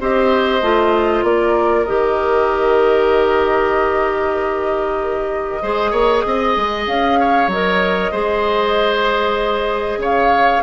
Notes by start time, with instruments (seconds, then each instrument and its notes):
0.00 bassoon C4, clarinet G4, oboe C5, flute D#5
0.62 bassoon A3, clarinet F4
1.23 bassoon A#3, oboe A#4, flute D5
1.85 bassoon D#3, clarinet G4, flute D#5
5.62 bassoon G#3, clarinet G#4, oboe C5
5.91 bassoon A#3, oboe C#5
6.26 bassoon C4, oboe D#5
6.56 bassoon G#3
6.87 bassoon C#4, flute F5
7.20 oboe C#5
7.48 bassoon F#3, clarinet A#4, flute D#5
8.11 bassoon G#3, clarinet G#4, oboe C5
9.97 bassoon C#3, oboe C#5, flute F5